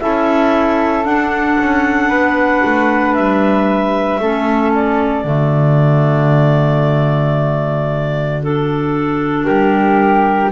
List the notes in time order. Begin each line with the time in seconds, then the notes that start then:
0.00 C#4 E4 A4 E5
1.04 D4 F#5
1.59 C#4
2.09 B3 B4
2.65 A3
3.14 G3 E5
4.19 A3 C#4 A4
4.75 D5
5.24 D3 A3 F#4
8.43 D4 A4
9.45 G3 G4 A#4